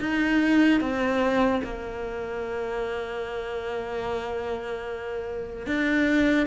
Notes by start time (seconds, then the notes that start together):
0.00 D#4
0.81 C4
1.64 A#3
5.67 D4